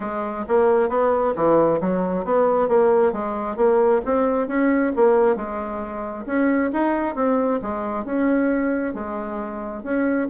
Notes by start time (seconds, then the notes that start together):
0.00 G#3
0.48 A#3
0.89 B3
1.35 E3
1.80 F#3
2.24 B3
2.68 A#3
3.12 G#3
3.56 A#3
4.05 C4
4.47 C#4
4.96 A#3
5.35 G#3
6.26 C#4
6.72 D#4
7.15 C4
7.62 G#3
8.04 C#4
8.94 G#3
9.83 C#4